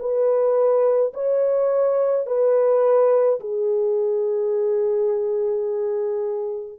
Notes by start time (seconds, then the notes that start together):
0.00 B4
1.14 C#5
2.27 B4
3.41 G#4